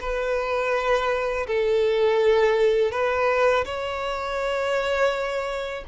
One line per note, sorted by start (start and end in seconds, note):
0.00 1.46 B4
1.46 2.91 A4
2.91 3.64 B4
3.65 5.84 C#5